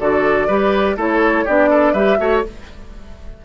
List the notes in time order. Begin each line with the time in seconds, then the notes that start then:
0.00 D3 F#4 A4 D5
0.47 G3 G4 B4
0.97 A3 E4 A4 C#5
1.45 B3 D4 G4 D5
1.70 A4
1.93 G3 G4 B4 E5
2.19 A3 F#4 C#5